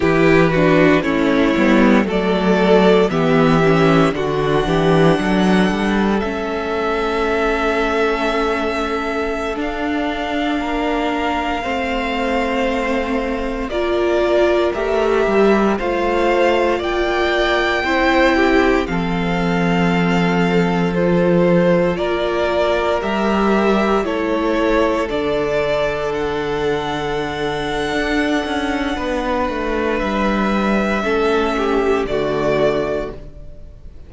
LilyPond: <<
  \new Staff \with { instrumentName = "violin" } { \time 4/4 \tempo 4 = 58 b'4 cis''4 d''4 e''4 | fis''2 e''2~ | e''4~ e''16 f''2~ f''8.~ | f''4~ f''16 d''4 e''4 f''8.~ |
f''16 g''2 f''4.~ f''16~ | f''16 c''4 d''4 e''4 cis''8.~ | cis''16 d''4 fis''2~ fis''8.~ | fis''4 e''2 d''4 | }
  \new Staff \with { instrumentName = "violin" } { \time 4/4 g'8 fis'8 e'4 a'4 g'4 | fis'8 g'8 a'2.~ | a'2~ a'16 ais'4 c''8.~ | c''4~ c''16 ais'2 c''8.~ |
c''16 d''4 c''8 g'8 a'4.~ a'16~ | a'4~ a'16 ais'2 a'8.~ | a'1 | b'2 a'8 g'8 fis'4 | }
  \new Staff \with { instrumentName = "viola" } { \time 4/4 e'8 d'8 cis'8 b8 a4 b8 cis'8 | d'2 cis'2~ | cis'4~ cis'16 d'2 c'8.~ | c'4~ c'16 f'4 g'4 f'8.~ |
f'4~ f'16 e'4 c'4.~ c'16~ | c'16 f'2 g'4 e'8.~ | e'16 d'2.~ d'8.~ | d'2 cis'4 a4 | }
  \new Staff \with { instrumentName = "cello" } { \time 4/4 e4 a8 g8 fis4 e4 | d8 e8 fis8 g8 a2~ | a4~ a16 d'4 ais4 a8.~ | a4~ a16 ais4 a8 g8 a8.~ |
a16 ais4 c'4 f4.~ f16~ | f4~ f16 ais4 g4 a8.~ | a16 d2~ d8. d'8 cis'8 | b8 a8 g4 a4 d4 | }
>>